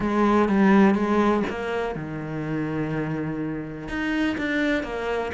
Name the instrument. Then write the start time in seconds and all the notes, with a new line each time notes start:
cello
0.00 G#3
0.48 G3
0.94 G#3
1.49 A#3
1.95 D#3
3.88 D#4
4.37 D4
4.83 A#3